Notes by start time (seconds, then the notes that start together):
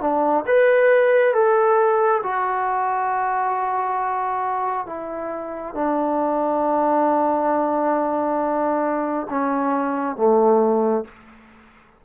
0.00 D4
0.46 B4
1.33 A4
2.23 F#4
4.86 E4
5.74 D4
9.29 C#4
10.16 A3